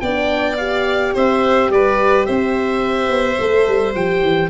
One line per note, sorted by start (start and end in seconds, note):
0.00 1.14 B3
0.00 1.14 D5
0.00 0.56 G5
0.06 0.58 D4
0.57 3.38 G4
0.57 1.13 F5
1.14 1.69 C4
1.14 1.70 C5
1.14 1.71 E5
1.69 2.25 G3
1.69 2.26 B4
1.69 2.25 D5
2.25 3.09 C4
2.25 4.50 C5
2.25 3.93 E5
3.09 3.37 B3
3.39 3.67 A3
3.39 3.94 A4
3.67 3.94 G3
3.94 4.22 F3
3.94 4.50 G4
3.94 4.50 G5
4.22 4.50 E3